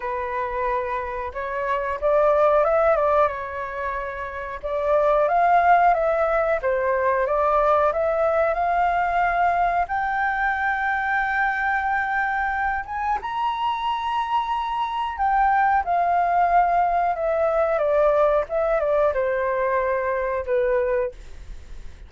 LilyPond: \new Staff \with { instrumentName = "flute" } { \time 4/4 \tempo 4 = 91 b'2 cis''4 d''4 | e''8 d''8 cis''2 d''4 | f''4 e''4 c''4 d''4 | e''4 f''2 g''4~ |
g''2.~ g''8 gis''8 | ais''2. g''4 | f''2 e''4 d''4 | e''8 d''8 c''2 b'4 | }